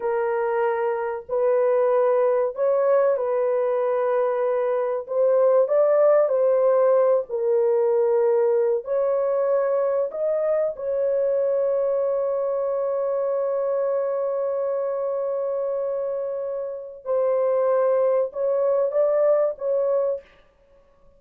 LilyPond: \new Staff \with { instrumentName = "horn" } { \time 4/4 \tempo 4 = 95 ais'2 b'2 | cis''4 b'2. | c''4 d''4 c''4. ais'8~ | ais'2 cis''2 |
dis''4 cis''2.~ | cis''1~ | cis''2. c''4~ | c''4 cis''4 d''4 cis''4 | }